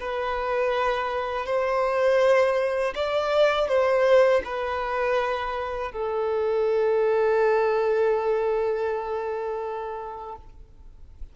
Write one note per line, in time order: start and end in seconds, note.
0.00 1.45 B4
1.45 2.94 C5
2.95 3.68 D5
3.68 4.42 C5
4.44 5.91 B4
5.91 10.36 A4